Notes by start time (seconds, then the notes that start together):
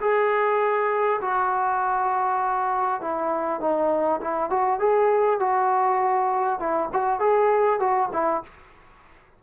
0.00 G#4
1.21 F#4
3.01 E4
3.60 D#4
4.21 E4
4.49 F#4
4.79 G#4
5.39 F#4
6.59 E4
6.92 F#4
7.19 G#4
7.79 F#4
8.12 E4